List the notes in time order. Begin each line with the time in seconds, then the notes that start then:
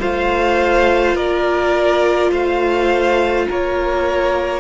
0.00 A3 F4 C5 F5
1.15 A#3 A#4 D5
2.31 A3 C5 F5
3.49 A#3 A#4 C#5